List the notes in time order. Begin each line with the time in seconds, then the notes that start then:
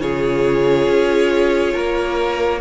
0.00 C#3 F4 G#4 C#5
0.88 C#4
1.73 A#3 A#4